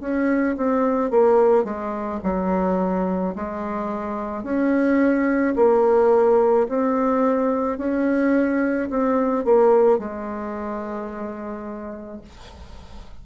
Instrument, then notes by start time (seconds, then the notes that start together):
bassoon
0.00 C#4
0.57 C4
1.11 A#3
1.64 G#3
2.23 F#3
3.35 G#3
4.43 C#4
5.56 A#3
6.68 C4
7.78 C#4
8.89 C4
9.44 A#3
9.98 G#3